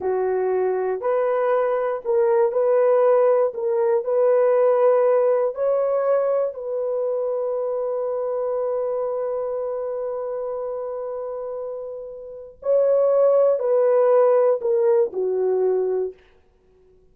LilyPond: \new Staff \with { instrumentName = "horn" } { \time 4/4 \tempo 4 = 119 fis'2 b'2 | ais'4 b'2 ais'4 | b'2. cis''4~ | cis''4 b'2.~ |
b'1~ | b'1~ | b'4 cis''2 b'4~ | b'4 ais'4 fis'2 | }